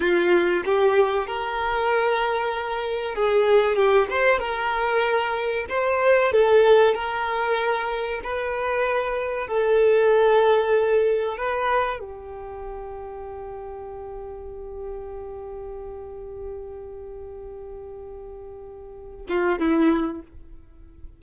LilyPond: \new Staff \with { instrumentName = "violin" } { \time 4/4 \tempo 4 = 95 f'4 g'4 ais'2~ | ais'4 gis'4 g'8 c''8 ais'4~ | ais'4 c''4 a'4 ais'4~ | ais'4 b'2 a'4~ |
a'2 b'4 g'4~ | g'1~ | g'1~ | g'2~ g'8 f'8 e'4 | }